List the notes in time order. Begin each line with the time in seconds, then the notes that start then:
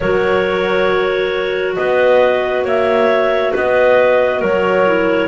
0.00 F#3 F#4 A#4 C#5
1.75 B3 B4 D#5
2.64 A#3 C#5 E5
3.52 B3 B4 D#5
4.40 F#3 A#4 C#5
4.86 E4